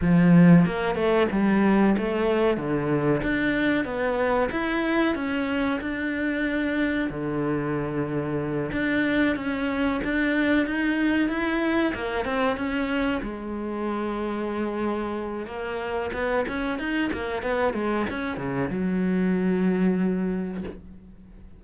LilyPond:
\new Staff \with { instrumentName = "cello" } { \time 4/4 \tempo 4 = 93 f4 ais8 a8 g4 a4 | d4 d'4 b4 e'4 | cis'4 d'2 d4~ | d4. d'4 cis'4 d'8~ |
d'8 dis'4 e'4 ais8 c'8 cis'8~ | cis'8 gis2.~ gis8 | ais4 b8 cis'8 dis'8 ais8 b8 gis8 | cis'8 cis8 fis2. | }